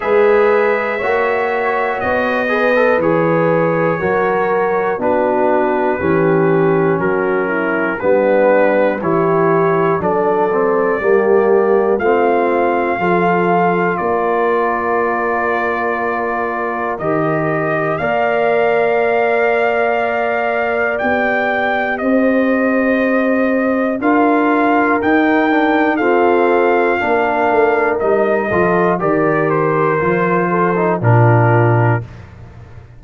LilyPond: <<
  \new Staff \with { instrumentName = "trumpet" } { \time 4/4 \tempo 4 = 60 e''2 dis''4 cis''4~ | cis''4 b'2 ais'4 | b'4 cis''4 d''2 | f''2 d''2~ |
d''4 dis''4 f''2~ | f''4 g''4 dis''2 | f''4 g''4 f''2 | dis''4 d''8 c''4. ais'4 | }
  \new Staff \with { instrumentName = "horn" } { \time 4/4 b'4 cis''4. b'4. | ais'4 fis'4 g'4 fis'8 e'8 | d'4 g'4 a'4 g'4 | f'4 a'4 ais'2~ |
ais'2 d''2~ | d''2 c''2 | ais'2 a'4 ais'4~ | ais'8 a'8 ais'4. a'8 f'4 | }
  \new Staff \with { instrumentName = "trombone" } { \time 4/4 gis'4 fis'4. gis'16 a'16 gis'4 | fis'4 d'4 cis'2 | b4 e'4 d'8 c'8 ais4 | c'4 f'2.~ |
f'4 g'4 ais'2~ | ais'4 g'2. | f'4 dis'8 d'8 c'4 d'4 | dis'8 f'8 g'4 f'8. dis'16 d'4 | }
  \new Staff \with { instrumentName = "tuba" } { \time 4/4 gis4 ais4 b4 e4 | fis4 b4 e4 fis4 | g4 e4 fis4 g4 | a4 f4 ais2~ |
ais4 dis4 ais2~ | ais4 b4 c'2 | d'4 dis'4 f'4 ais8 a8 | g8 f8 dis4 f4 ais,4 | }
>>